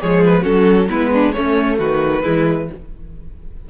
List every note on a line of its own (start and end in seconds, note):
0.00 0.45 F3
0.00 0.43 G#3
0.00 0.42 G#4
0.00 0.24 C#5
0.24 0.44 B4
0.42 0.90 F#3
0.42 0.88 C#4
0.42 0.87 F#4
0.42 0.89 A4
0.90 1.36 G#3
0.90 1.34 B3
0.90 1.12 E4
0.90 1.32 B4
1.12 1.35 D4
1.32 2.22 A3
1.32 1.80 A3
1.32 1.78 C#4
1.32 1.77 C#5
1.78 2.24 D#3
1.78 2.23 F#4
1.78 2.69 B4
2.22 2.70 E3
2.22 2.67 G#3
2.22 2.68 E4